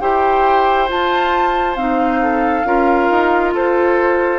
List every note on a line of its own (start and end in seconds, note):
0.00 0.89 E4
0.00 0.88 G4
0.00 2.21 C5
0.00 0.88 G5
0.88 1.76 F4
0.88 1.75 F4
0.88 1.76 A5
1.75 2.63 C4
1.75 2.65 D#4
1.75 3.52 F5
2.22 2.66 A4
2.64 3.08 C#4
2.64 4.39 F4
2.64 3.54 A#4
3.10 3.54 D#4
3.54 4.39 F4
3.54 4.39 A4
3.54 4.39 C5